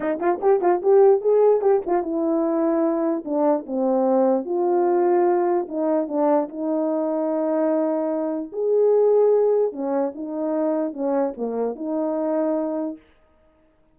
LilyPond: \new Staff \with { instrumentName = "horn" } { \time 4/4 \tempo 4 = 148 dis'8 f'8 g'8 f'8 g'4 gis'4 | g'8 f'8 e'2. | d'4 c'2 f'4~ | f'2 dis'4 d'4 |
dis'1~ | dis'4 gis'2. | cis'4 dis'2 cis'4 | ais4 dis'2. | }